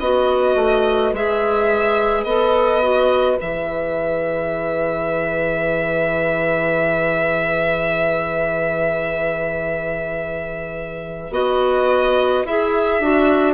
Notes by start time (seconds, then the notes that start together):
0.00 B3 F#4 B4 D#5
0.56 A3
1.13 G#3 G#4 E5
2.24 B3 A4 D#5
2.83 F#4
3.37 E3 G#4 E5
11.31 B3 F#4 D#5
12.45 E4 G#4 E5
13.01 D4 F#4